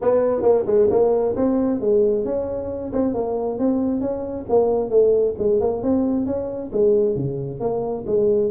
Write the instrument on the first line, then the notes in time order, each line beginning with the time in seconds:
tuba
0.01 B3
0.42 A#3
0.66 G#3
0.90 A#3
1.36 C4
1.80 G#3
2.24 C#4
2.92 C4
3.14 A#3
3.59 C4
4.01 C#4
4.49 A#3
4.90 A3
5.38 G#3
5.60 A#3
5.82 C4
6.26 C#4
6.72 G#3
7.15 C#3
7.60 A#3
8.06 G#3